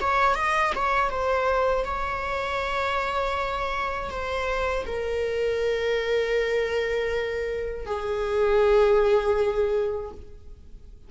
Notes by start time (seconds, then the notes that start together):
0.00 C#5
0.35 D#5
0.75 C#5
1.10 C5
1.85 C#5
4.10 C5
4.86 A#4
7.86 G#4